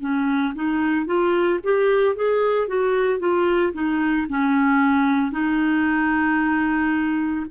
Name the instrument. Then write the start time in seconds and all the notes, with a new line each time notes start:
clarinet
0.00 C#4
0.55 D#4
1.06 F4
1.64 G4
2.16 G#4
2.67 F#4
3.19 F4
3.73 D#4
4.29 C#4
5.31 D#4